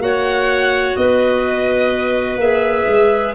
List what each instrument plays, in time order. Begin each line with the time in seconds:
0.00 tuba A#3, clarinet F#4 C#5, violin F#5
0.97 tuba B3, clarinet B4, violin D#5
2.37 tuba A#3, clarinet G#4, violin E5
2.87 tuba G#3